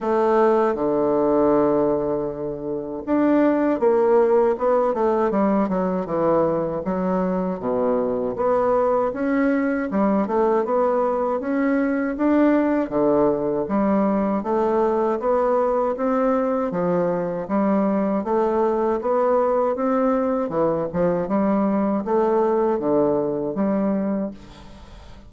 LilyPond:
\new Staff \with { instrumentName = "bassoon" } { \time 4/4 \tempo 4 = 79 a4 d2. | d'4 ais4 b8 a8 g8 fis8 | e4 fis4 b,4 b4 | cis'4 g8 a8 b4 cis'4 |
d'4 d4 g4 a4 | b4 c'4 f4 g4 | a4 b4 c'4 e8 f8 | g4 a4 d4 g4 | }